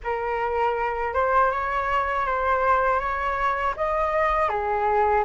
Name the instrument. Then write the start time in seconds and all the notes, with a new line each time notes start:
flute
0.03 A#4
1.13 C5
1.51 C#5
2.25 C5
2.99 C#5
3.76 D#5
4.48 G#4